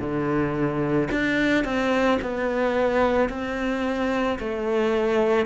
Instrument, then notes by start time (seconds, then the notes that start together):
cello
0.00 D3
1.12 D4
1.65 C4
2.22 B3
3.29 C4
4.39 A3